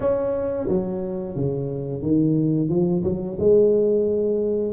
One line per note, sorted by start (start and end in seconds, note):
0.00 0.67 C#4
0.68 1.35 F#3
1.35 2.02 C#3
2.02 2.69 D#3
2.69 3.03 F3
3.03 3.37 F#3
3.39 4.73 G#3